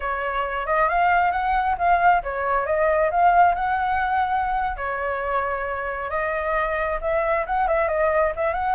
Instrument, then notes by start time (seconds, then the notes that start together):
flute
0.00 C#5
0.66 D#5
0.88 F5
1.31 F#5
1.78 F5
2.23 C#5
2.65 D#5
3.10 F5
3.54 F#5
4.76 C#5
6.10 D#5
7.01 E5
7.46 F#5
7.67 E5
7.88 D#5
8.36 E5
8.53 F#5